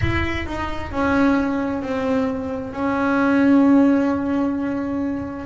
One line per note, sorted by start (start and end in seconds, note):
0.01 0.46 E4
0.46 0.91 D#4
0.91 1.81 C#4
1.81 2.72 C4
2.73 5.45 C#4